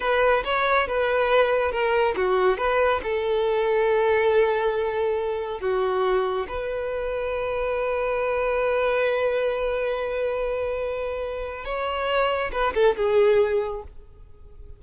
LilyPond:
\new Staff \with { instrumentName = "violin" } { \time 4/4 \tempo 4 = 139 b'4 cis''4 b'2 | ais'4 fis'4 b'4 a'4~ | a'1~ | a'4 fis'2 b'4~ |
b'1~ | b'1~ | b'2. cis''4~ | cis''4 b'8 a'8 gis'2 | }